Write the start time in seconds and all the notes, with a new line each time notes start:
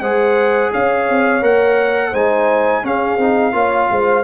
0.00 G#3 G#4 C5 F#5
0.72 C#4 C#5 F5
1.10 C4
1.42 A#3 A#4 F#5
2.11 G#3 D#4 C5 G#5
2.83 C#4 G#4 F5
3.17 C4 D#4
3.52 A#3 F4 C#5
3.91 G#3 C5